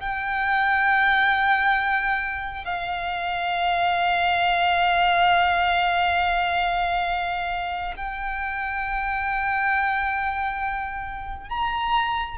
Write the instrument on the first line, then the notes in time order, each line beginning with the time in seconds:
violin
0.00 G5
2.65 F5
7.97 G5
11.49 A#5